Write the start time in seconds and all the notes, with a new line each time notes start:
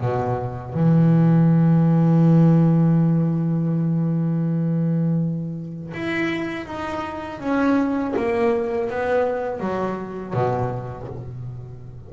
0.00 B2
0.74 E3
5.94 E4
6.66 D#4
7.40 C#4
8.16 A#3
8.89 B3
9.60 F#3
10.33 B2